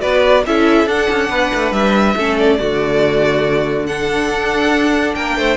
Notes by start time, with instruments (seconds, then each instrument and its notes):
0.00 cello B3, viola F#4, violin B4 D5
0.46 cello C#4, viola E4, violin A4 E5
0.87 cello D4, viola D4, violin F#5
1.11 cello C#4
1.30 cello B3, violin B4
1.54 cello A3
1.72 cello G3, violin E5
2.16 cello A3, viola C#4, violin A4
2.38 violin D5
2.59 cello D3, viola A3, violin F#4
3.86 viola D4, violin A4 F#5
4.29 cello D4
5.15 cello A#3, violin A#4 G5
5.37 cello A3, violin C5